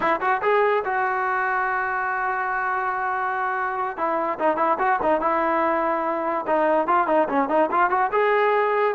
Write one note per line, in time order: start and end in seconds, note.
0.00 0.20 E4
0.20 0.41 F#4
0.42 0.83 G#4
0.84 3.97 F#4
3.97 4.38 E4
4.39 4.56 D#4
4.56 4.77 E4
4.78 4.99 F#4
5.02 5.20 D#4
5.20 6.45 E4
6.46 6.87 D#4
6.87 7.07 F4
7.07 7.27 D#4
7.28 7.48 C#4
7.48 7.69 D#4
7.71 7.89 F4
7.89 8.10 F#4
8.11 8.95 G#4